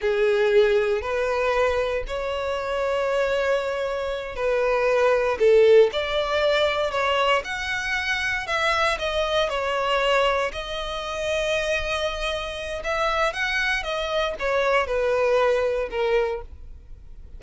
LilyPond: \new Staff \with { instrumentName = "violin" } { \time 4/4 \tempo 4 = 117 gis'2 b'2 | cis''1~ | cis''8 b'2 a'4 d''8~ | d''4. cis''4 fis''4.~ |
fis''8 e''4 dis''4 cis''4.~ | cis''8 dis''2.~ dis''8~ | dis''4 e''4 fis''4 dis''4 | cis''4 b'2 ais'4 | }